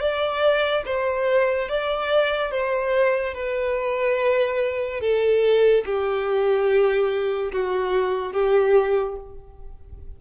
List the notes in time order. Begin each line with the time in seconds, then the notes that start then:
0.00 D5
0.85 C5
1.69 D5
2.51 C5
3.34 B4
5.00 A4
5.85 G4
7.52 F#4
8.32 G4